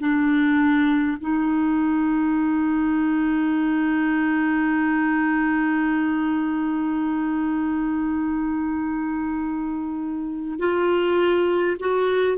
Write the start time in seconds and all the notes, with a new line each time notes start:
0.00 D4
1.20 D#4
10.59 F4
11.80 F#4